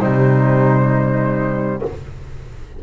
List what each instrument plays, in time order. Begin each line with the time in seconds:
0.00 double bass C3, trombone G3, flute D#4 C5